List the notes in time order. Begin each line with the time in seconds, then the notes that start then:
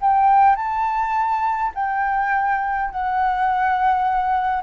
0.00 G5
0.55 A5
1.74 G5
2.90 F#5